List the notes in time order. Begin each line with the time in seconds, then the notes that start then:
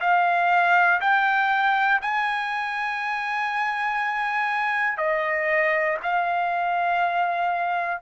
0.00 F5
1.00 G5
2.01 G#5
4.97 D#5
6.03 F5